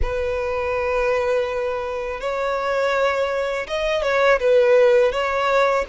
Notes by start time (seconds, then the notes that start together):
0.02 B4
2.20 C#5
3.67 D#5
4.02 C#5
4.39 B4
5.12 C#5